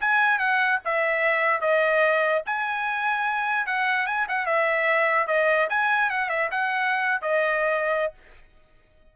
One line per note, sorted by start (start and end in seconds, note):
0.00 0.38 G#5
0.38 0.79 F#5
0.84 1.60 E5
1.60 2.42 D#5
2.46 3.66 G#5
3.66 4.06 F#5
4.06 4.26 G#5
4.28 4.46 F#5
4.46 5.27 E5
5.27 5.68 D#5
5.69 6.09 G#5
6.09 6.29 F#5
6.29 6.49 E5
6.51 7.21 F#5
7.21 8.13 D#5